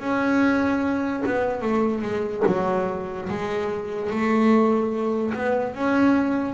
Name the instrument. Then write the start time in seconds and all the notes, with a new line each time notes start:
double bass
0.00 C#4
1.26 B3
1.62 A3
2.02 G#3
2.47 F#3
3.29 G#3
4.10 A3
5.34 B3
5.75 C#4